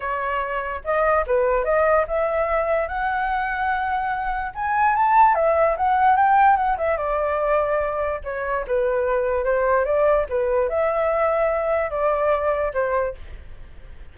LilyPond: \new Staff \with { instrumentName = "flute" } { \time 4/4 \tempo 4 = 146 cis''2 dis''4 b'4 | dis''4 e''2 fis''4~ | fis''2. gis''4 | a''4 e''4 fis''4 g''4 |
fis''8 e''8 d''2. | cis''4 b'2 c''4 | d''4 b'4 e''2~ | e''4 d''2 c''4 | }